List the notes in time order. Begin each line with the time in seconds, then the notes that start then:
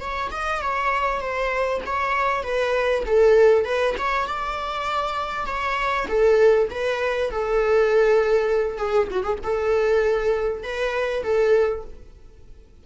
0.00 C#5
0.31 D#5
0.61 C#5
1.20 C5
1.85 C#5
2.43 B4
3.06 A4
3.64 B4
3.98 C#5
4.27 D5
5.46 C#5
6.08 A4
6.70 B4
7.31 A4
8.77 G#4
9.11 F#4
9.23 G#4
9.43 A4
10.63 B4
11.23 A4